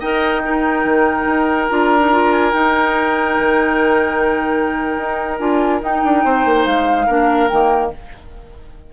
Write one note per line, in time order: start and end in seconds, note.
0.00 0.85 D#4
0.00 0.43 A#4
0.00 0.42 D#5
0.00 1.69 G5
0.43 1.69 D#4
0.43 6.25 A#4
0.85 1.26 D#3
1.26 1.69 D#4
1.69 2.54 D4
1.69 2.00 F4
1.69 2.32 A#5
2.00 2.10 D#4
2.12 2.53 F4
2.32 2.53 G#5
2.53 5.38 D#4
2.53 3.38 D#4
2.53 5.38 G5
3.39 4.98 D#3
4.98 5.40 D#4
5.39 5.82 D4
5.39 5.82 F4
5.39 5.81 G#5
5.82 6.03 D#4
5.82 7.08 D#4
5.82 6.65 G5
6.04 6.25 D4
6.25 6.46 C4
6.25 7.07 C5
6.46 6.66 A#3
6.65 7.08 G#3
6.65 7.48 F5
7.07 7.50 A#3
7.07 7.50 D4
7.07 7.91 A#4
7.48 7.94 D#3
7.48 7.93 A#3
7.48 7.91 G5